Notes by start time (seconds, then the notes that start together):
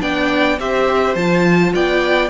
0.00 B3 D4 D5 G5
0.59 C4 G4 C5 E5
1.15 F3 F4 A5
1.74 B3 D5 G5